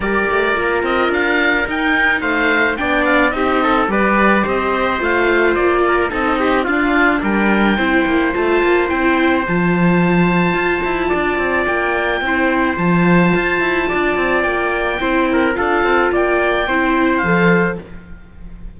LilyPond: <<
  \new Staff \with { instrumentName = "oboe" } { \time 4/4 \tempo 4 = 108 d''4. dis''8 f''4 g''4 | f''4 g''8 f''8 dis''4 d''4 | dis''4 f''4 d''4 dis''4 | f''4 g''2 a''4 |
g''4 a''2.~ | a''4 g''2 a''4~ | a''2 g''2 | f''4 g''2 f''4 | }
  \new Staff \with { instrumentName = "trumpet" } { \time 4/4 ais'1 | c''4 d''4 g'8 a'8 b'4 | c''2~ c''8 ais'8 a'8 g'8 | f'4 ais'4 c''2~ |
c''1 | d''2 c''2~ | c''4 d''2 c''8 ais'8 | a'4 d''4 c''2 | }
  \new Staff \with { instrumentName = "viola" } { \time 4/4 g'4 f'2 dis'4~ | dis'4 d'4 dis'4 g'4~ | g'4 f'2 dis'4 | d'2 e'4 f'4 |
e'4 f'2.~ | f'2 e'4 f'4~ | f'2. e'4 | f'2 e'4 a'4 | }
  \new Staff \with { instrumentName = "cello" } { \time 4/4 g8 a8 ais8 c'8 d'4 dis'4 | a4 b4 c'4 g4 | c'4 a4 ais4 c'4 | d'4 g4 c'8 ais8 a8 ais8 |
c'4 f2 f'8 e'8 | d'8 c'8 ais4 c'4 f4 | f'8 e'8 d'8 c'8 ais4 c'4 | d'8 c'8 ais4 c'4 f4 | }
>>